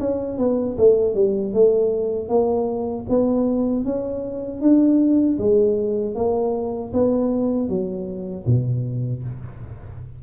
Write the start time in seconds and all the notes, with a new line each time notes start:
0.00 C#4
0.38 B3
0.78 A3
1.15 G3
1.53 A3
2.29 A#3
3.09 B3
3.85 C#4
4.61 D4
5.38 G#3
6.15 A#3
6.93 B3
7.69 F#3
8.46 B2